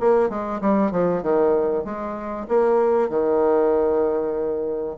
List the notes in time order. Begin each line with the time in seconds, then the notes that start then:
0.00 A#3
0.30 G#3
0.61 G3
0.91 F3
1.23 D#3
1.85 G#3
2.48 A#3
3.10 D#3